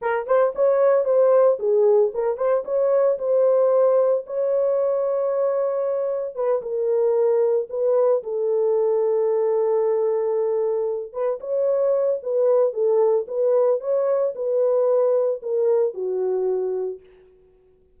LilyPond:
\new Staff \with { instrumentName = "horn" } { \time 4/4 \tempo 4 = 113 ais'8 c''8 cis''4 c''4 gis'4 | ais'8 c''8 cis''4 c''2 | cis''1 | b'8 ais'2 b'4 a'8~ |
a'1~ | a'4 b'8 cis''4. b'4 | a'4 b'4 cis''4 b'4~ | b'4 ais'4 fis'2 | }